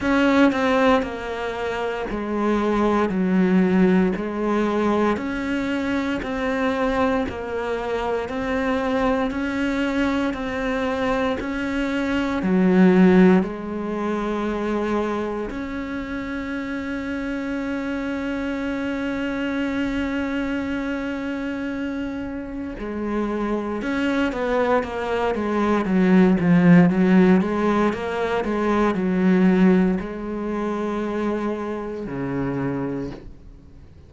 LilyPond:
\new Staff \with { instrumentName = "cello" } { \time 4/4 \tempo 4 = 58 cis'8 c'8 ais4 gis4 fis4 | gis4 cis'4 c'4 ais4 | c'4 cis'4 c'4 cis'4 | fis4 gis2 cis'4~ |
cis'1~ | cis'2 gis4 cis'8 b8 | ais8 gis8 fis8 f8 fis8 gis8 ais8 gis8 | fis4 gis2 cis4 | }